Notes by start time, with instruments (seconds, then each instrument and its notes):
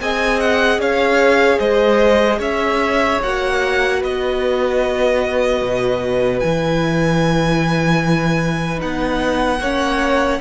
0.00 cello C4, viola G#4, violin D#5 G#5
0.40 violin F#5
0.78 cello C#4, violin C#5 F5
1.59 cello G#3, violin C5 D#5
2.39 cello C#4, violin C#5 E5
3.23 cello A#3, viola F#4, violin F#5
3.99 cello B3, violin B4 D#5
5.62 cello B2
6.40 cello E3, viola E4, violin G#5
8.77 cello B3, viola D#4, violin F#5
9.60 cello A#3, viola C#4, violin C#5